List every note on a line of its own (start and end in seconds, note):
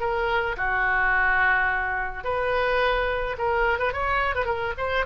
0.00 0.56 A#4
0.57 2.24 F#4
2.24 3.36 B4
3.38 3.79 A#4
3.79 3.93 B4
3.93 4.35 C#5
4.36 4.45 B4
4.45 4.73 A#4
4.78 5.06 C5